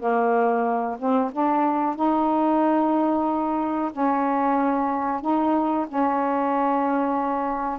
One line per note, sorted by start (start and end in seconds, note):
0.00 0.98 A#3
0.99 1.32 C4
1.33 1.96 D4
1.96 3.92 D#4
3.92 5.21 C#4
5.21 5.87 D#4
5.89 7.80 C#4